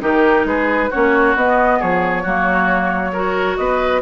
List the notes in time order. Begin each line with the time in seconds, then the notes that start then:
0.00 D#3 D#4 G4 A#4
0.45 G#3 G#4 B4
0.90 A#3 C#4 F#4 C#5
1.35 B3 D#5
1.79 F3 G#4 C#5
2.23 F#3 A#3 F#4
3.12 F#4 A#4
3.56 B3 B4 D#5